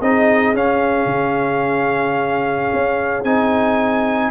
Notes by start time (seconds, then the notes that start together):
0.00 C4 D#4 G#4 D#5
0.54 C#4 F5
1.06 C#3
2.74 C#4
3.23 C4 D#4 G#5